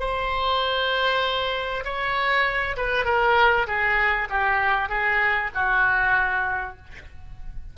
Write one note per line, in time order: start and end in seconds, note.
0.00 1.84 C5
1.85 2.76 C#5
2.77 3.05 B4
3.05 3.67 A#4
3.67 4.28 G#4
4.30 4.89 G4
4.89 5.50 G#4
5.55 6.77 F#4